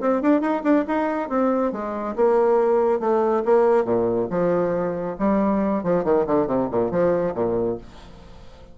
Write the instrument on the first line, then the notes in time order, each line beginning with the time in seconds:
bassoon
0.00 C4
0.22 D4
0.41 D#4
0.63 D4
0.87 D#4
1.29 C4
1.72 G#3
2.15 A#3
3.00 A3
3.45 A#3
3.84 A#2
4.30 F3
5.18 G3
5.83 F3
6.04 D#3
6.26 D3
6.47 C3
6.71 A#2
6.91 F3
7.34 A#2